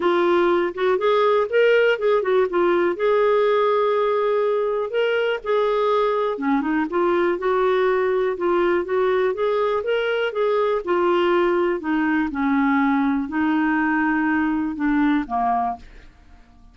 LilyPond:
\new Staff \with { instrumentName = "clarinet" } { \time 4/4 \tempo 4 = 122 f'4. fis'8 gis'4 ais'4 | gis'8 fis'8 f'4 gis'2~ | gis'2 ais'4 gis'4~ | gis'4 cis'8 dis'8 f'4 fis'4~ |
fis'4 f'4 fis'4 gis'4 | ais'4 gis'4 f'2 | dis'4 cis'2 dis'4~ | dis'2 d'4 ais4 | }